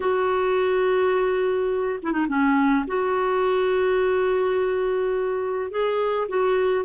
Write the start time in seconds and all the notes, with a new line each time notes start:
0.00 F#4
2.02 E4
2.12 D#4
2.28 C#4
2.87 F#4
5.70 G#4
6.28 F#4